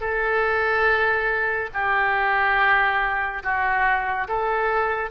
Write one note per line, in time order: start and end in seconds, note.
0.00 1.69 A4
1.73 3.42 G4
3.43 4.28 F#4
4.28 5.10 A4